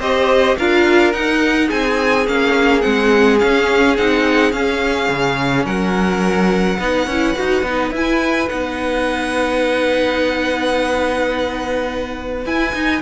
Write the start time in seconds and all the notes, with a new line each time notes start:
0.00 C4 G4 C5 D#5
0.58 D4 F4 A#4 F5
1.13 D#4 F#5
1.68 C4 G#4 G#5
2.27 A#3 C#4 F5
2.82 G#3 C4 F#5
3.40 C#4 F5
3.98 C4 D#4 F#5
4.52 C#4 F5
5.09 C#3
5.66 F#3 A#4 F#5
6.80 B3 D#4 B4
7.07 C#4 E4
7.36 D#4 F#4
7.63 B3 D#4
7.91 E4 G#5
8.49 B3 D#4 F#5
12.46 E4 G#5
12.75 D#4